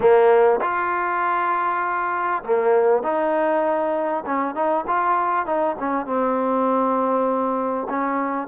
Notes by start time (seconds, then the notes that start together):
0.00 A#3
0.61 F4
2.43 A#3
3.02 D#4
4.26 C#4
4.54 D#4
4.87 F4
5.45 D#4
5.79 C#4
6.06 C4
7.89 C#4